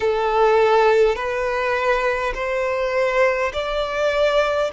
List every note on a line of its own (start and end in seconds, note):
0.00 1.15 A4
1.15 2.33 B4
2.34 3.51 C5
3.53 4.71 D5